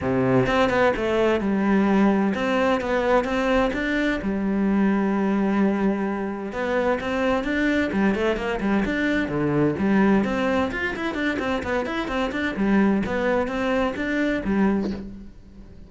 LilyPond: \new Staff \with { instrumentName = "cello" } { \time 4/4 \tempo 4 = 129 c4 c'8 b8 a4 g4~ | g4 c'4 b4 c'4 | d'4 g2.~ | g2 b4 c'4 |
d'4 g8 a8 ais8 g8 d'4 | d4 g4 c'4 f'8 e'8 | d'8 c'8 b8 e'8 c'8 d'8 g4 | b4 c'4 d'4 g4 | }